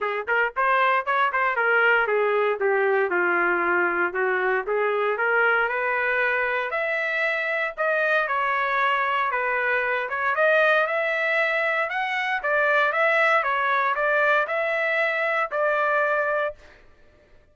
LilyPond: \new Staff \with { instrumentName = "trumpet" } { \time 4/4 \tempo 4 = 116 gis'8 ais'8 c''4 cis''8 c''8 ais'4 | gis'4 g'4 f'2 | fis'4 gis'4 ais'4 b'4~ | b'4 e''2 dis''4 |
cis''2 b'4. cis''8 | dis''4 e''2 fis''4 | d''4 e''4 cis''4 d''4 | e''2 d''2 | }